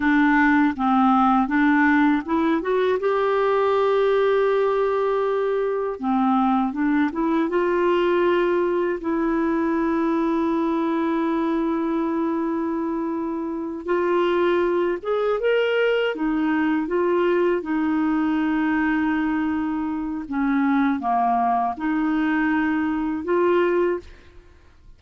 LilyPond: \new Staff \with { instrumentName = "clarinet" } { \time 4/4 \tempo 4 = 80 d'4 c'4 d'4 e'8 fis'8 | g'1 | c'4 d'8 e'8 f'2 | e'1~ |
e'2~ e'8 f'4. | gis'8 ais'4 dis'4 f'4 dis'8~ | dis'2. cis'4 | ais4 dis'2 f'4 | }